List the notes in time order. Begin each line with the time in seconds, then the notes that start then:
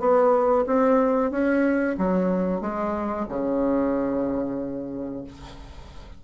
0.00 B3
0.67 C4
1.31 C#4
1.98 F#3
2.61 G#3
3.29 C#3